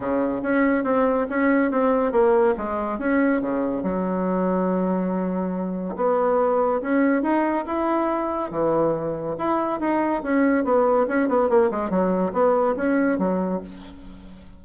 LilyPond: \new Staff \with { instrumentName = "bassoon" } { \time 4/4 \tempo 4 = 141 cis4 cis'4 c'4 cis'4 | c'4 ais4 gis4 cis'4 | cis4 fis2.~ | fis2 b2 |
cis'4 dis'4 e'2 | e2 e'4 dis'4 | cis'4 b4 cis'8 b8 ais8 gis8 | fis4 b4 cis'4 fis4 | }